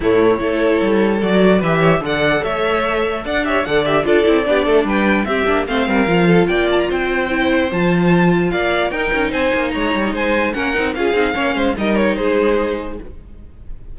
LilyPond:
<<
  \new Staff \with { instrumentName = "violin" } { \time 4/4 \tempo 4 = 148 cis''2. d''4 | e''4 fis''4 e''2 | fis''8 e''8 fis''8 e''8 d''2 | g''4 e''4 f''2 |
g''8 a''16 ais''16 g''2 a''4~ | a''4 f''4 g''4 gis''4 | ais''4 gis''4 fis''4 f''4~ | f''4 dis''8 cis''8 c''2 | }
  \new Staff \with { instrumentName = "violin" } { \time 4/4 e'4 a'2. | b'8 cis''8 d''4 cis''2 | d''8 cis''8 d''4 a'4 g'8 a'8 | b'4 g'4 c''8 ais'4 a'8 |
d''4 c''2.~ | c''4 d''4 ais'4 c''4 | cis''4 c''4 ais'4 gis'4 | cis''8 c''8 ais'4 gis'2 | }
  \new Staff \with { instrumentName = "viola" } { \time 4/4 a4 e'2 fis'4 | g'4 a'2.~ | a'8 g'8 a'8 g'8 f'8 e'8 d'4~ | d'4 c'8 d'8 c'4 f'4~ |
f'2 e'4 f'4~ | f'2 dis'2~ | dis'2 cis'8 dis'8 f'8 dis'8 | cis'4 dis'2. | }
  \new Staff \with { instrumentName = "cello" } { \time 4/4 a,4 a4 g4 fis4 | e4 d4 a2 | d'4 d4 d'8 c'8 b8 a8 | g4 c'8 ais8 a8 g8 f4 |
ais4 c'2 f4~ | f4 ais4 dis'8 cis'8 c'8 ais8 | gis8 g8 gis4 ais8 c'8 cis'8 c'8 | ais8 gis8 g4 gis2 | }
>>